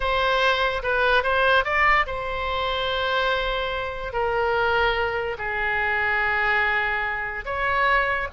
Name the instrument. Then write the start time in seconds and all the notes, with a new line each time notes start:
oboe
0.00 C5
0.82 B4
1.23 C5
1.64 D5
2.06 C5
4.12 A#4
5.38 G#4
7.45 C#5